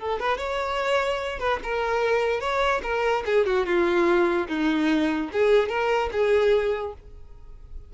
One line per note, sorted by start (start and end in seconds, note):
0.00 0.20 A4
0.20 0.38 B4
0.38 1.40 C#5
1.40 1.60 B4
1.63 2.41 A#4
2.41 2.82 C#5
2.83 3.24 A#4
3.26 3.46 G#4
3.46 3.66 F#4
3.66 4.48 F4
4.48 5.30 D#4
5.33 5.69 G#4
5.69 6.10 A#4
6.12 6.94 G#4